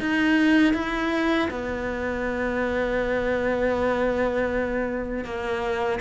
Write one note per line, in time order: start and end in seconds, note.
0.00 0.74 D#4
0.74 1.49 E4
1.50 5.25 B3
5.25 6.00 A#3